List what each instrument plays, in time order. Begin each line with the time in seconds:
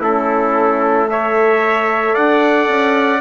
0.00 bassoon A3, horn C#4, trumpet E4 A4
1.09 horn A4, trumpet C#5 E5
2.14 bassoon D4, trumpet D5 F#5
2.69 bassoon C#4